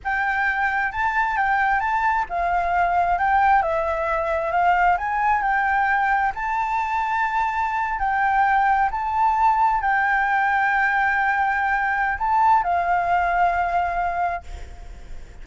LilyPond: \new Staff \with { instrumentName = "flute" } { \time 4/4 \tempo 4 = 133 g''2 a''4 g''4 | a''4 f''2 g''4 | e''2 f''4 gis''4 | g''2 a''2~ |
a''4.~ a''16 g''2 a''16~ | a''4.~ a''16 g''2~ g''16~ | g''2. a''4 | f''1 | }